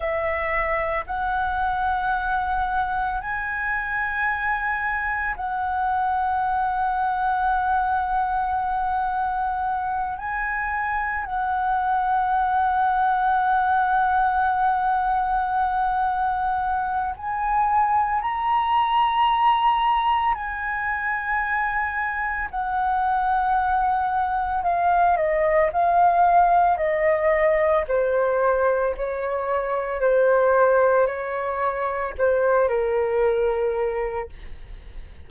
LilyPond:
\new Staff \with { instrumentName = "flute" } { \time 4/4 \tempo 4 = 56 e''4 fis''2 gis''4~ | gis''4 fis''2.~ | fis''4. gis''4 fis''4.~ | fis''1 |
gis''4 ais''2 gis''4~ | gis''4 fis''2 f''8 dis''8 | f''4 dis''4 c''4 cis''4 | c''4 cis''4 c''8 ais'4. | }